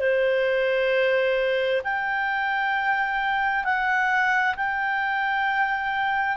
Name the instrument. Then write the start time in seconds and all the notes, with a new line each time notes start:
clarinet
0.00 C5
1.84 G5
3.64 F#5
4.56 G5